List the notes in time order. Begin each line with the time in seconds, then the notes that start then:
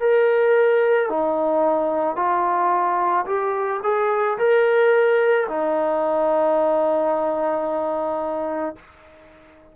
0.00 A#4
1.09 D#4
2.16 F4
3.26 G4
3.83 G#4
4.38 A#4
5.48 D#4